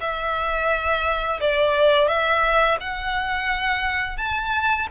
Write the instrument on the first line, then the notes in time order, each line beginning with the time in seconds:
violin
0.00 E5
1.40 D5
2.08 E5
2.80 F#5
4.17 A5